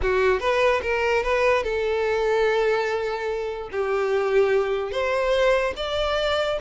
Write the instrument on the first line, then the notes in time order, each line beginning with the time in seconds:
violin
0.01 F#4
0.40 B4
0.81 A#4
1.23 B4
1.63 A4
3.71 G4
4.91 C5
5.76 D5